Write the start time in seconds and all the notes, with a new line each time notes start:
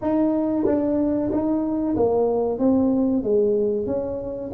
0.01 D#4
0.65 D4
1.31 D#4
1.96 A#3
2.58 C4
3.23 G#3
3.86 C#4